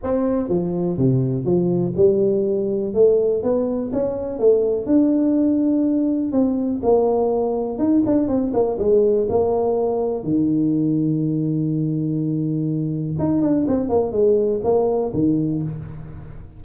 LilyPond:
\new Staff \with { instrumentName = "tuba" } { \time 4/4 \tempo 4 = 123 c'4 f4 c4 f4 | g2 a4 b4 | cis'4 a4 d'2~ | d'4 c'4 ais2 |
dis'8 d'8 c'8 ais8 gis4 ais4~ | ais4 dis2.~ | dis2. dis'8 d'8 | c'8 ais8 gis4 ais4 dis4 | }